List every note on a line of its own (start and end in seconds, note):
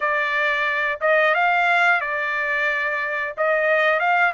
0.00 0.99 D5
1.01 1.34 D#5
1.34 2.01 F5
2.01 3.34 D5
3.37 3.99 D#5
3.99 4.32 F5